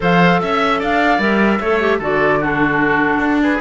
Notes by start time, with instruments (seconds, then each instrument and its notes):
0.00 cello F3, clarinet A4, oboe C5, flute F5
0.40 cello C#4, flute E5, oboe E5
0.79 cello D4, oboe D5, flute F5
1.18 cello G3, clarinet A#4, flute E5
1.60 cello A3, clarinet A4, oboe C#5
1.80 clarinet G4
1.98 cello D3, clarinet F#4, oboe A4, flute D5
2.40 clarinet D4, oboe F#4, flute A4
3.18 cello D4
3.42 oboe G#4, flute B4